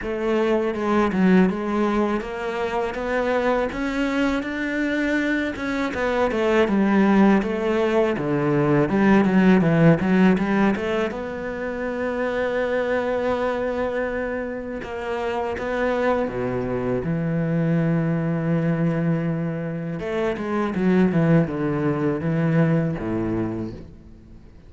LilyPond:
\new Staff \with { instrumentName = "cello" } { \time 4/4 \tempo 4 = 81 a4 gis8 fis8 gis4 ais4 | b4 cis'4 d'4. cis'8 | b8 a8 g4 a4 d4 | g8 fis8 e8 fis8 g8 a8 b4~ |
b1 | ais4 b4 b,4 e4~ | e2. a8 gis8 | fis8 e8 d4 e4 a,4 | }